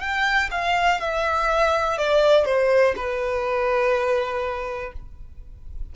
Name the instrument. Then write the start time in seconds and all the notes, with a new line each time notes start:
violin
0.00 G5
0.51 F5
1.00 E5
1.98 D5
2.45 C5
2.96 B4